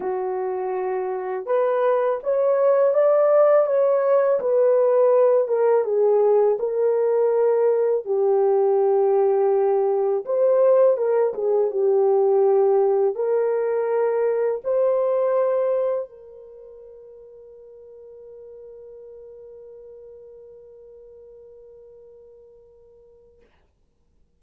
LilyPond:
\new Staff \with { instrumentName = "horn" } { \time 4/4 \tempo 4 = 82 fis'2 b'4 cis''4 | d''4 cis''4 b'4. ais'8 | gis'4 ais'2 g'4~ | g'2 c''4 ais'8 gis'8 |
g'2 ais'2 | c''2 ais'2~ | ais'1~ | ais'1 | }